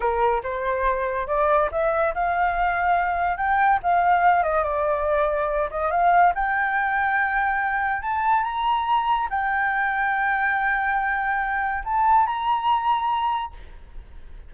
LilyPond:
\new Staff \with { instrumentName = "flute" } { \time 4/4 \tempo 4 = 142 ais'4 c''2 d''4 | e''4 f''2. | g''4 f''4. dis''8 d''4~ | d''4. dis''8 f''4 g''4~ |
g''2. a''4 | ais''2 g''2~ | g''1 | a''4 ais''2. | }